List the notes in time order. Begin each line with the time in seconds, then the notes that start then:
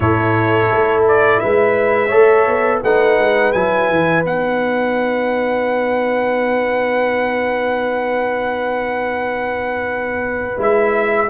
0.00 A2 E4 A4 C#5
0.71 A3
1.07 D5
1.39 G#3 B4 E5
2.08 A3 A4 C#5
2.46 B3
2.83 A3 D#4 B4 F#5
3.18 G#3
3.52 F#3 E4 G#5
3.89 E3
4.24 B3 D#4 F#5
10.57 G#3 E4 E5